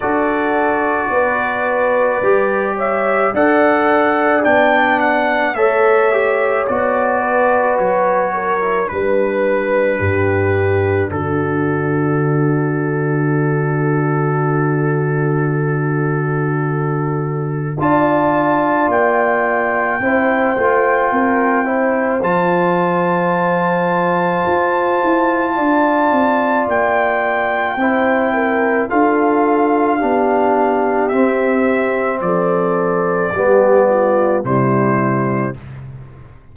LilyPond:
<<
  \new Staff \with { instrumentName = "trumpet" } { \time 4/4 \tempo 4 = 54 d''2~ d''8 e''8 fis''4 | g''8 fis''8 e''4 d''4 cis''4 | b'2 a'2~ | a'1 |
a''4 g''2. | a''1 | g''2 f''2 | e''4 d''2 c''4 | }
  \new Staff \with { instrumentName = "horn" } { \time 4/4 a'4 b'4. cis''8 d''4~ | d''4 cis''4. b'4 ais'8 | b'4 g'4 fis'2~ | fis'1 |
d''2 c''4 ais'8 c''8~ | c''2. d''4~ | d''4 c''8 ais'8 a'4 g'4~ | g'4 a'4 g'8 f'8 e'4 | }
  \new Staff \with { instrumentName = "trombone" } { \time 4/4 fis'2 g'4 a'4 | d'4 a'8 g'8 fis'4.~ fis'16 e'16 | d'1~ | d'1 |
f'2 e'8 f'4 e'8 | f'1~ | f'4 e'4 f'4 d'4 | c'2 b4 g4 | }
  \new Staff \with { instrumentName = "tuba" } { \time 4/4 d'4 b4 g4 d'4 | b4 a4 b4 fis4 | g4 g,4 d2~ | d1 |
d'4 ais4 c'8 a8 c'4 | f2 f'8 e'8 d'8 c'8 | ais4 c'4 d'4 b4 | c'4 f4 g4 c4 | }
>>